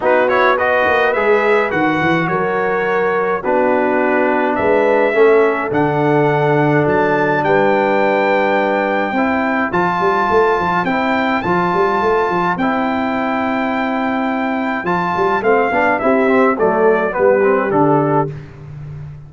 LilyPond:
<<
  \new Staff \with { instrumentName = "trumpet" } { \time 4/4 \tempo 4 = 105 b'8 cis''8 dis''4 e''4 fis''4 | cis''2 b'2 | e''2 fis''2 | a''4 g''2.~ |
g''4 a''2 g''4 | a''2 g''2~ | g''2 a''4 f''4 | e''4 d''4 b'4 a'4 | }
  \new Staff \with { instrumentName = "horn" } { \time 4/4 fis'4 b'2. | ais'2 fis'2 | b'4 a'2.~ | a'4 b'2. |
c''1~ | c''1~ | c''1 | g'4 a'4 g'2 | }
  \new Staff \with { instrumentName = "trombone" } { \time 4/4 dis'8 e'8 fis'4 gis'4 fis'4~ | fis'2 d'2~ | d'4 cis'4 d'2~ | d'1 |
e'4 f'2 e'4 | f'2 e'2~ | e'2 f'4 c'8 d'8 | e'8 c'8 a4 b8 c'8 d'4 | }
  \new Staff \with { instrumentName = "tuba" } { \time 4/4 b4. ais8 gis4 dis8 e8 | fis2 b2 | gis4 a4 d2 | fis4 g2. |
c'4 f8 g8 a8 f8 c'4 | f8 g8 a8 f8 c'2~ | c'2 f8 g8 a8 b8 | c'4 fis4 g4 d4 | }
>>